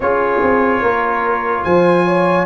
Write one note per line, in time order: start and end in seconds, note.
0.00 0.40 C#4
0.00 2.45 F4
0.00 0.82 G#4
0.00 1.64 C#5
0.42 0.81 C4
0.81 1.64 A#3
0.81 1.64 A#4
1.64 2.45 F3
1.64 2.05 C5
1.64 2.45 G#5
2.05 2.45 C#5